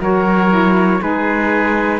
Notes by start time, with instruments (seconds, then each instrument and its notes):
0.00 cello F#3, saxophone F#4, oboe A#4, trumpet C#5
0.49 saxophone E4
1.00 cello G#3, saxophone D#4, oboe G#4, trumpet B4